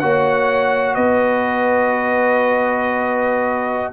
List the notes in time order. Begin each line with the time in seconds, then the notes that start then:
0.00 A#3 F#4 C#5 F#5
0.95 B3 B4 D#5